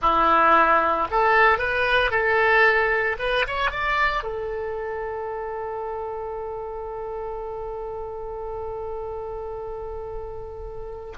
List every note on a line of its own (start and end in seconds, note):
0.01 1.07 E4
1.11 1.58 A4
1.58 2.10 B4
2.10 3.16 A4
3.19 3.45 B4
3.47 3.70 C#5
3.70 4.23 D5
4.23 11.13 A4